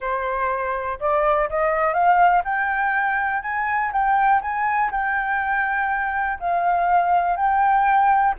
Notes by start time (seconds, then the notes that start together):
0.00 C5
0.99 D5
1.49 D#5
1.93 F5
2.44 G5
3.42 G#5
3.92 G5
4.41 G#5
4.91 G5
6.39 F5
7.36 G5